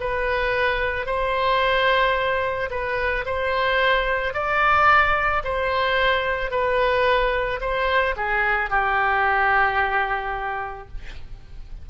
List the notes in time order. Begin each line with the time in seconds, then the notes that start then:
0.00 B4
1.06 C5
2.70 B4
3.26 C5
4.34 D5
5.44 C5
6.51 B4
7.61 C5
8.17 G#4
8.70 G4